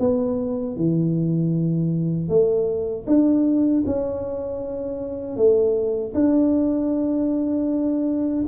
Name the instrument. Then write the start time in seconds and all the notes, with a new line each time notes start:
tuba
0.00 B3
0.77 E3
2.29 A3
3.07 D4
3.87 C#4
5.37 A3
6.15 D4